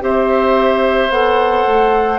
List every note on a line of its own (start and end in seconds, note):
0.00 1.09 C4
0.00 1.09 G4
0.00 2.18 C5
0.00 1.11 E5
1.09 1.64 B3
1.09 2.18 A4
1.09 2.18 F#5
1.67 2.18 A3